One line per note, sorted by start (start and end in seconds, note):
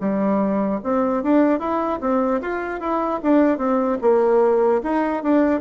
0.00 0.80 G3
0.84 1.23 C4
1.23 1.60 D4
1.60 2.00 E4
2.01 2.41 C4
2.41 2.80 F4
2.80 3.20 E4
3.23 3.58 D4
3.58 3.98 C4
4.01 4.81 A#3
4.83 5.23 D#4
5.23 5.61 D4